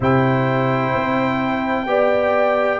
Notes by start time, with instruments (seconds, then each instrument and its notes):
0.00 tuba C3, trombone E4, horn C5, trumpet G5
0.95 tuba C4
1.86 tuba B3, trombone G4, horn D5